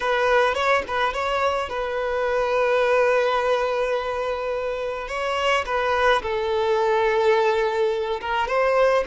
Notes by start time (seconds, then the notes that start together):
0.00 B4
0.54 C#5
0.87 B4
1.13 C#5
1.69 B4
5.08 C#5
5.65 B4
6.22 A4
8.20 A#4
8.47 C5